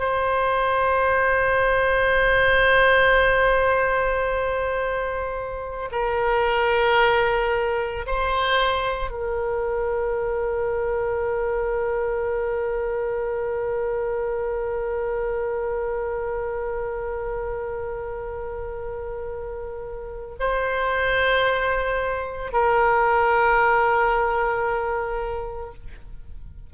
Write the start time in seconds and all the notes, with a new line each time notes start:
0.00 C5
5.92 A#4
8.06 C5
9.11 A#4
20.40 C5
22.52 A#4